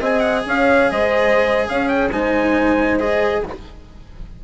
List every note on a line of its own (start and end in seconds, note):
0.00 0.44 C4
0.00 2.10 G#4
0.00 0.44 D#5
0.00 0.20 G#5
0.20 0.42 F#5
0.46 0.90 C#4
0.46 0.92 C#5
0.46 0.91 F5
0.91 1.68 G#3
0.91 1.69 C5
0.91 1.68 D#5
1.69 2.10 C#4
1.69 2.12 C#5
1.69 1.88 F5
1.88 2.10 G5
2.10 3.42 G#3
2.10 3.00 D#4
2.10 3.44 C5
2.10 3.00 G#5
3.00 3.44 G#4
3.00 3.44 D#5